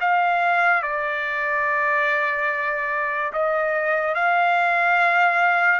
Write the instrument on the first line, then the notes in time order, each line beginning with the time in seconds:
trumpet
0.00 F5
0.82 D5
3.32 D#5
4.14 F5